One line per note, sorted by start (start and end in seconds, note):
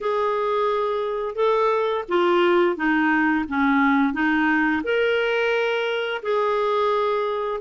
0.00 1.35 G#4
1.35 2.04 A4
2.08 2.76 F4
2.76 3.45 D#4
3.48 4.13 C#4
4.13 4.82 D#4
4.83 6.21 A#4
6.22 7.60 G#4